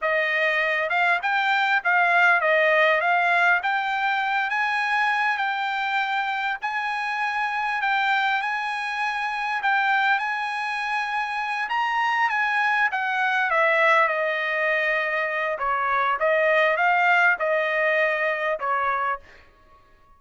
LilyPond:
\new Staff \with { instrumentName = "trumpet" } { \time 4/4 \tempo 4 = 100 dis''4. f''8 g''4 f''4 | dis''4 f''4 g''4. gis''8~ | gis''4 g''2 gis''4~ | gis''4 g''4 gis''2 |
g''4 gis''2~ gis''8 ais''8~ | ais''8 gis''4 fis''4 e''4 dis''8~ | dis''2 cis''4 dis''4 | f''4 dis''2 cis''4 | }